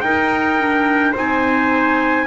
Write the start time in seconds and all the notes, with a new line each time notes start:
0.00 D#4 A#4 G5
0.59 D4
1.11 C4 D#4 C5 G#5